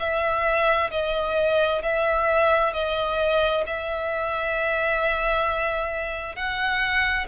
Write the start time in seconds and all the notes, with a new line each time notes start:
0.00 E5
0.91 D#5
1.83 E5
2.74 D#5
3.67 E5
6.36 F#5